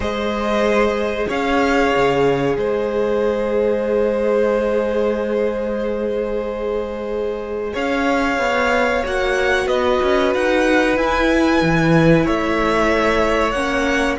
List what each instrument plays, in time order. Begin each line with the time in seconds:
0.00 cello G#3, viola G#4, violin C5 D#5
1.28 cello C#4, violin C#5 F5
1.96 cello C#3
2.56 cello G#3, violin C5 D#5
7.73 cello C#4, violin C#5 F5
8.38 cello B3
9.03 cello A#3, viola F#4, violin F#5
9.66 cello B3, violin B4 D#5
10.02 cello C#4
10.34 cello D#4, violin F#5
10.95 viola E4, cello E4, violin G#5
11.61 cello E3
12.24 cello A3, violin C#5 E5
13.51 cello A#3, viola C#4, violin F#5